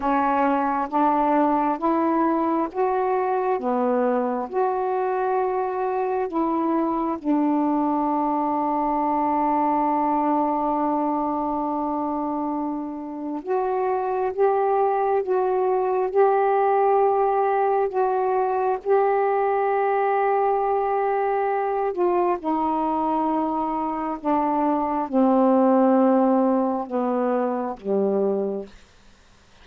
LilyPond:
\new Staff \with { instrumentName = "saxophone" } { \time 4/4 \tempo 4 = 67 cis'4 d'4 e'4 fis'4 | b4 fis'2 e'4 | d'1~ | d'2. fis'4 |
g'4 fis'4 g'2 | fis'4 g'2.~ | g'8 f'8 dis'2 d'4 | c'2 b4 g4 | }